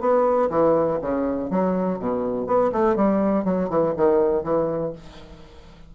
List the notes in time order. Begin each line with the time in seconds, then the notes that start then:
0.00 B3
0.49 E3
1.01 C#3
1.50 F#3
1.99 B2
2.46 B3
2.72 A3
2.96 G3
3.44 F#3
3.69 E3
3.97 D#3
4.43 E3